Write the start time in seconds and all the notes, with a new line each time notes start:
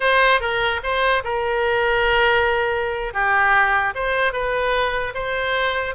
0.00 C5
0.40 A#4
0.83 C5
1.23 A#4
3.13 G4
3.94 C5
4.33 B4
5.14 C5